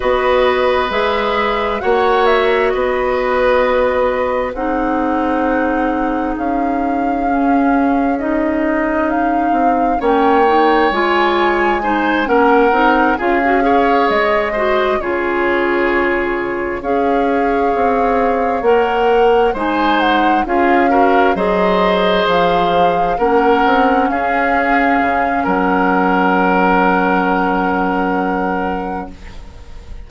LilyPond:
<<
  \new Staff \with { instrumentName = "flute" } { \time 4/4 \tempo 4 = 66 dis''4 e''4 fis''8 e''8 dis''4~ | dis''4 fis''2 f''4~ | f''4 dis''4 f''4 g''4 | gis''4. fis''4 f''4 dis''8~ |
dis''8 cis''2 f''4.~ | f''8 fis''4 gis''8 fis''8 f''4 dis''8~ | dis''8 f''4 fis''4 f''4. | fis''1 | }
  \new Staff \with { instrumentName = "oboe" } { \time 4/4 b'2 cis''4 b'4~ | b'4 gis'2.~ | gis'2. cis''4~ | cis''4 c''8 ais'4 gis'8 cis''4 |
c''8 gis'2 cis''4.~ | cis''4. c''4 gis'8 ais'8 c''8~ | c''4. ais'4 gis'4. | ais'1 | }
  \new Staff \with { instrumentName = "clarinet" } { \time 4/4 fis'4 gis'4 fis'2~ | fis'4 dis'2. | cis'4 dis'2 cis'8 dis'8 | f'4 dis'8 cis'8 dis'8 f'16 fis'16 gis'4 |
fis'8 f'2 gis'4.~ | gis'8 ais'4 dis'4 f'8 fis'8 gis'8~ | gis'4. cis'2~ cis'8~ | cis'1 | }
  \new Staff \with { instrumentName = "bassoon" } { \time 4/4 b4 gis4 ais4 b4~ | b4 c'2 cis'4~ | cis'2~ cis'8 c'8 ais4 | gis4. ais8 c'8 cis'4 gis8~ |
gis8 cis2 cis'4 c'8~ | c'8 ais4 gis4 cis'4 fis8~ | fis8 f4 ais8 c'8 cis'4 cis8 | fis1 | }
>>